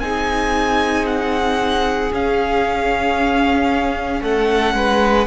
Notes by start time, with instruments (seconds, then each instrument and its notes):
0.00 cello C4, viola D#4, violin G#4 G#5
1.06 violin F#5
2.12 cello C#4, viola C#4, violin F5
4.21 cello A3, violin A4 F#5
4.74 cello G#3, violin B4